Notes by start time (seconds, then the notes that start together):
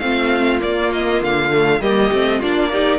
0.00 A3 C4 F4 F5
0.60 A#3 D5
0.93 D#5
1.22 D3 F5
1.51 A3
1.81 G3 A#3 G4 D#5
2.12 A3 C4
2.40 A#3 D4 F4 D5
2.72 D#4 G4